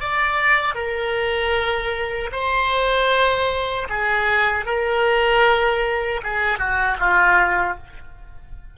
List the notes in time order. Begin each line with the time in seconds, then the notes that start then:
0.00 D5
0.75 A#4
2.32 C5
3.89 G#4
4.65 A#4
6.23 G#4
6.58 F#4
6.99 F4